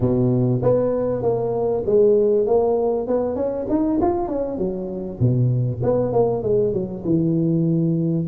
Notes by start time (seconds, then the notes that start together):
0.00 B2
0.62 B3
1.22 A#3
1.86 G#3
2.46 A#3
3.07 B3
3.35 C#4
3.69 D#4
4.01 F4
4.27 C#4
4.58 F#3
5.20 B2
5.82 B3
6.12 A#3
6.43 G#3
6.73 F#3
7.04 E3